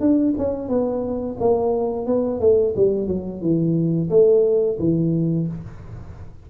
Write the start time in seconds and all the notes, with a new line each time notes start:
0.00 D4
0.38 C#4
0.68 B3
1.40 A#3
2.06 B3
2.40 A3
2.76 G3
3.07 F#3
3.42 E3
4.10 A3
4.79 E3